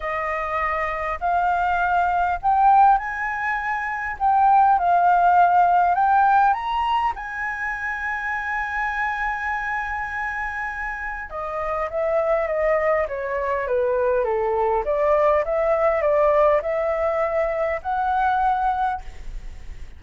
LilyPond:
\new Staff \with { instrumentName = "flute" } { \time 4/4 \tempo 4 = 101 dis''2 f''2 | g''4 gis''2 g''4 | f''2 g''4 ais''4 | gis''1~ |
gis''2. dis''4 | e''4 dis''4 cis''4 b'4 | a'4 d''4 e''4 d''4 | e''2 fis''2 | }